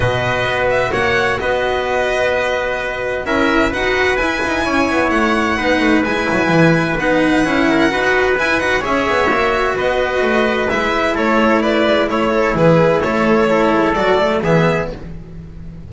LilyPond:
<<
  \new Staff \with { instrumentName = "violin" } { \time 4/4 \tempo 4 = 129 dis''4. e''8 fis''4 dis''4~ | dis''2. e''4 | fis''4 gis''2 fis''4~ | fis''4 gis''2 fis''4~ |
fis''2 gis''8 fis''8 e''4~ | e''4 dis''2 e''4 | cis''4 d''4 cis''4 b'4 | cis''2 d''4 e''4 | }
  \new Staff \with { instrumentName = "trumpet" } { \time 4/4 b'2 cis''4 b'4~ | b'2. ais'4 | b'2 cis''2 | b'1~ |
b'8 ais'8 b'2 cis''4~ | cis''4 b'2. | a'4 b'4 e'2~ | e'4 a'2 gis'4 | }
  \new Staff \with { instrumentName = "cello" } { \time 4/4 fis'1~ | fis'2. e'4 | fis'4 e'2. | dis'4 e'2 dis'4 |
e'4 fis'4 e'8 fis'8 gis'4 | fis'2. e'4~ | e'2~ e'8 a'8 gis'4 | a'4 e'4 fis'8 a8 b4 | }
  \new Staff \with { instrumentName = "double bass" } { \time 4/4 b,4 b4 ais4 b4~ | b2. cis'4 | dis'4 e'8 dis'8 cis'8 b8 a4 | b8 a8 gis8 fis8 e4 b4 |
cis'4 dis'4 e'8 dis'8 cis'8 b8 | ais4 b4 a4 gis4 | a4. gis8 a4 e4 | a4. gis8 fis4 e4 | }
>>